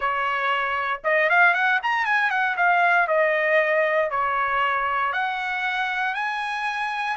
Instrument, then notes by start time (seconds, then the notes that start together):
trumpet
0.00 C#5
1.04 D#5
1.29 F5
1.53 F#5
1.83 A#5
2.05 G#5
2.30 F#5
2.56 F5
3.07 D#5
4.10 C#5
5.13 F#5
6.14 G#5